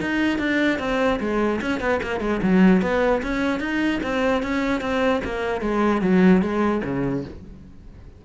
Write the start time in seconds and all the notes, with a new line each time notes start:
0.00 D#4
0.38 D4
0.79 C4
1.20 G#3
1.61 C#4
1.80 B3
2.02 A#3
2.20 G#3
2.42 F#3
2.81 B3
3.22 C#4
3.59 D#4
4.03 C4
4.42 C#4
4.80 C4
5.24 A#3
5.60 G#3
6.01 F#3
6.41 G#3
6.84 C#3